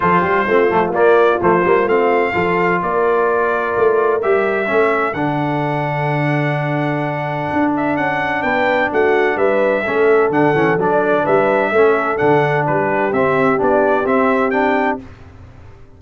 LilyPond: <<
  \new Staff \with { instrumentName = "trumpet" } { \time 4/4 \tempo 4 = 128 c''2 d''4 c''4 | f''2 d''2~ | d''4 e''2 fis''4~ | fis''1~ |
fis''8 e''8 fis''4 g''4 fis''4 | e''2 fis''4 d''4 | e''2 fis''4 b'4 | e''4 d''4 e''4 g''4 | }
  \new Staff \with { instrumentName = "horn" } { \time 4/4 a'8 g'8 f'2.~ | f'4 a'4 ais'2~ | ais'2 a'2~ | a'1~ |
a'2 b'4 fis'4 | b'4 a'2. | b'4 a'2 g'4~ | g'1 | }
  \new Staff \with { instrumentName = "trombone" } { \time 4/4 f'4 c'8 a8 ais4 a8 ais8 | c'4 f'2.~ | f'4 g'4 cis'4 d'4~ | d'1~ |
d'1~ | d'4 cis'4 d'8 cis'8 d'4~ | d'4 cis'4 d'2 | c'4 d'4 c'4 d'4 | }
  \new Staff \with { instrumentName = "tuba" } { \time 4/4 f8 g8 a8 f8 ais4 f8 g8 | a4 f4 ais2 | a4 g4 a4 d4~ | d1 |
d'4 cis'4 b4 a4 | g4 a4 d8 e8 fis4 | g4 a4 d4 g4 | c'4 b4 c'2 | }
>>